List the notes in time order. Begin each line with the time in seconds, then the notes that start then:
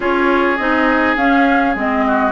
0.00 C#4 F4 G#4 C#5
0.56 C4 D#4 D#5
1.16 C#4 F5
1.75 G#3 C4 D#5
2.06 F#4